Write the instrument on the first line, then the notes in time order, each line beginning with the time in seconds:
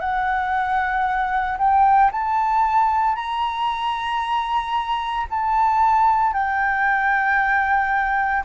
flute
0.00 F#5
1.58 G5
2.12 A5
3.16 A#5
5.30 A5
6.33 G5